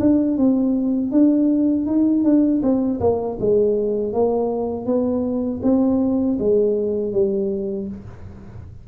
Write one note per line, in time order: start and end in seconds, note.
0.00 0.38 D4
0.38 1.11 C4
1.11 1.86 D4
1.86 2.24 D#4
2.24 2.61 D4
2.62 3.00 C4
3.00 3.38 A#3
3.40 4.13 G#3
4.13 4.86 A#3
4.86 5.61 B3
5.62 6.38 C4
6.39 7.13 G#3
7.13 7.88 G3